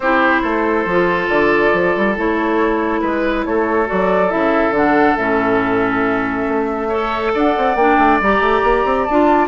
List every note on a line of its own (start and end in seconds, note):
0.00 0.41 C4
0.00 0.89 E4
0.00 0.41 G4
0.00 1.28 C5
0.41 0.85 A3
0.41 3.00 A4
0.85 1.28 F3
0.85 2.16 F4
1.28 1.72 D3
1.28 2.15 D5
1.73 1.95 F3
1.96 2.17 G3
2.16 3.02 A3
2.16 3.86 E4
2.16 3.01 C#5
3.01 3.45 G#3
3.01 3.44 B4
3.45 3.88 A3
3.45 6.88 A4
3.45 3.88 C#5
3.86 4.33 F#3
3.86 4.29 F#4
3.86 4.30 D5
4.29 4.70 C#3
4.29 4.72 E4
4.29 4.73 E5
4.70 5.13 D3
4.70 5.17 D4
4.76 5.16 F#5
5.16 6.47 A2
5.16 6.90 C#4
5.16 7.32 E5
6.48 7.34 A3
6.88 7.76 A4
6.88 7.31 C#5
7.34 7.56 D4
7.34 9.48 D5
7.34 7.76 F#5
7.57 7.75 C4
7.75 7.97 A#3
7.75 8.22 D4
7.75 8.19 G5
7.98 8.20 A3
8.21 8.39 G3
8.21 9.09 G4
8.21 9.05 A#5
8.39 8.61 A3
8.63 8.84 A#3
8.84 9.06 C4
9.05 9.48 D4
9.05 9.48 F4
9.05 9.48 A5